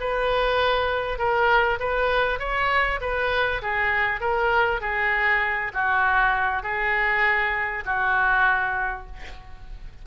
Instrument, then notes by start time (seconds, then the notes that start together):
oboe
0.00 B4
1.18 A#4
1.80 B4
2.40 C#5
3.01 B4
3.62 G#4
4.21 A#4
4.81 G#4
5.74 F#4
6.63 G#4
7.85 F#4